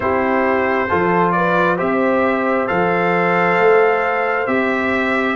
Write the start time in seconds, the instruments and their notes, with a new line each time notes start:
0.00 tuba C4, trombone E4, horn G4, trumpet C5
0.88 tuba F3, trombone F4, horn A4
1.31 horn B4, trumpet D5
1.76 tuba C4, trombone G4, horn C5, trumpet E5
2.67 tuba F3, trombone A4, trumpet F5
3.58 tuba A3
4.46 tuba C4, trombone G4, trumpet E5